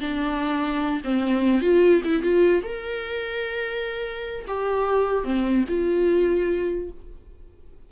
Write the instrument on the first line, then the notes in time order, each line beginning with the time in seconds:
viola
0.00 D4
1.04 C4
1.61 F4
2.04 E4
2.22 F4
2.63 A#4
4.47 G4
5.24 C4
5.68 F4